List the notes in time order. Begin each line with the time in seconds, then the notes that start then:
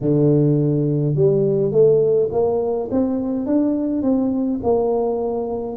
0.00 D3
1.15 G3
1.72 A3
2.31 A#3
2.91 C4
3.46 D4
4.02 C4
4.63 A#3